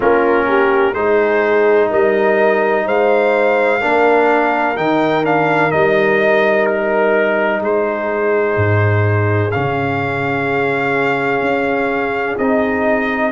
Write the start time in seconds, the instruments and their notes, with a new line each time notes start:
0.00 tuba A#3, trombone C#4, horn F4, trumpet A#4
0.47 horn G4
0.93 tuba G#3, trombone D#4, horn G#4, trumpet C5
1.89 tuba G3, horn A#4, trumpet D#5
2.85 tuba G#3, horn C5, trumpet F5
3.80 tuba A#3, trombone D4, horn A#4
4.76 tuba D#3, trombone D#4, trumpet G5
5.23 trombone D4, trumpet F5
5.70 tuba G3, trombone D#4, trumpet D#5
6.65 trumpet A#4
7.60 tuba G#3, horn G#4, trumpet C5
8.56 tuba G#2
9.51 tuba C#3, trombone C#4, trumpet F5
11.40 tuba C#4
12.38 tuba C4, trombone D#4, trumpet D#5